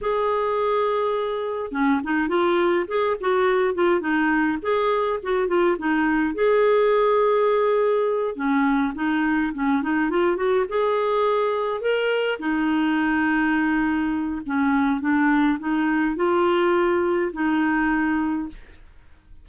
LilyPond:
\new Staff \with { instrumentName = "clarinet" } { \time 4/4 \tempo 4 = 104 gis'2. cis'8 dis'8 | f'4 gis'8 fis'4 f'8 dis'4 | gis'4 fis'8 f'8 dis'4 gis'4~ | gis'2~ gis'8 cis'4 dis'8~ |
dis'8 cis'8 dis'8 f'8 fis'8 gis'4.~ | gis'8 ais'4 dis'2~ dis'8~ | dis'4 cis'4 d'4 dis'4 | f'2 dis'2 | }